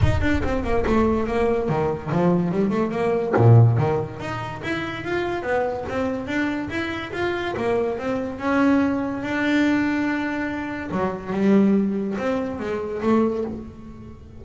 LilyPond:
\new Staff \with { instrumentName = "double bass" } { \time 4/4 \tempo 4 = 143 dis'8 d'8 c'8 ais8 a4 ais4 | dis4 f4 g8 a8 ais4 | ais,4 dis4 dis'4 e'4 | f'4 b4 c'4 d'4 |
e'4 f'4 ais4 c'4 | cis'2 d'2~ | d'2 fis4 g4~ | g4 c'4 gis4 a4 | }